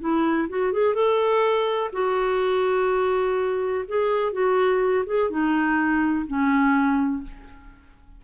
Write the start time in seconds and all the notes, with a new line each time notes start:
0.00 E4
0.49 F#4
0.72 G#4
0.94 A4
1.93 F#4
3.88 G#4
4.32 F#4
5.06 G#4
5.30 D#4
6.27 C#4